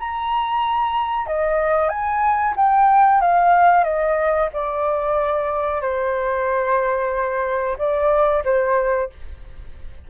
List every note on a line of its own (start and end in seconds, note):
0.00 1.27 A#5
1.27 1.90 D#5
1.90 2.55 G#5
2.57 3.22 G5
3.22 3.84 F5
3.84 4.49 D#5
4.54 5.82 D5
5.82 7.78 C5
7.79 8.44 D5
8.45 9.10 C5